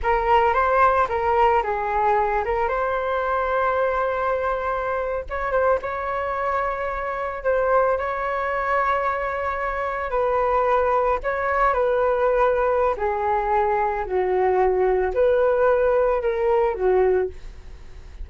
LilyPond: \new Staff \with { instrumentName = "flute" } { \time 4/4 \tempo 4 = 111 ais'4 c''4 ais'4 gis'4~ | gis'8 ais'8 c''2.~ | c''4.~ c''16 cis''8 c''8 cis''4~ cis''16~ | cis''4.~ cis''16 c''4 cis''4~ cis''16~ |
cis''2~ cis''8. b'4~ b'16~ | b'8. cis''4 b'2~ b'16 | gis'2 fis'2 | b'2 ais'4 fis'4 | }